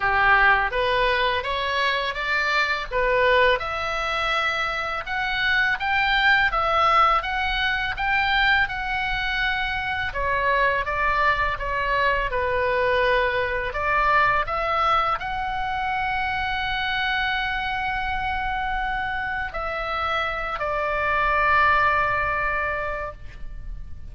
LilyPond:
\new Staff \with { instrumentName = "oboe" } { \time 4/4 \tempo 4 = 83 g'4 b'4 cis''4 d''4 | b'4 e''2 fis''4 | g''4 e''4 fis''4 g''4 | fis''2 cis''4 d''4 |
cis''4 b'2 d''4 | e''4 fis''2.~ | fis''2. e''4~ | e''8 d''2.~ d''8 | }